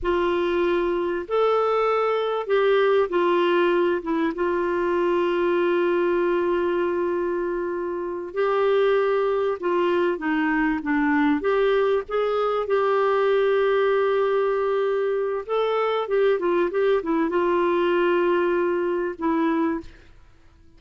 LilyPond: \new Staff \with { instrumentName = "clarinet" } { \time 4/4 \tempo 4 = 97 f'2 a'2 | g'4 f'4. e'8 f'4~ | f'1~ | f'4. g'2 f'8~ |
f'8 dis'4 d'4 g'4 gis'8~ | gis'8 g'2.~ g'8~ | g'4 a'4 g'8 f'8 g'8 e'8 | f'2. e'4 | }